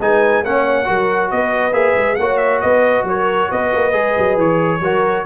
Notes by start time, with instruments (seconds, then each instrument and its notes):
0.00 tuba G#3, trombone D#4, horn B4, trumpet G#5
0.43 tuba A#3, trombone C#4, horn C#5, trumpet F#5
0.85 tuba F#3, trombone F#4, horn A#4
1.31 tuba B3, horn B4, trumpet D#5
1.72 tuba A#3, trombone G#4, trumpet E5
1.95 tuba G#3
2.15 tuba A#3, trombone F#4, horn C#5, trumpet F#5
2.37 trumpet E5
2.61 tuba B3, horn B4, trumpet D#5
3.03 tuba F#3, horn A#4, trumpet C#5
3.51 tuba B3, horn B4, trumpet D#5
3.74 tuba A#3
3.92 tuba G#3, trombone G#4
4.18 tuba F#3
4.36 tuba E3, trumpet C#5
4.80 tuba F#3, trombone F#4, horn A#4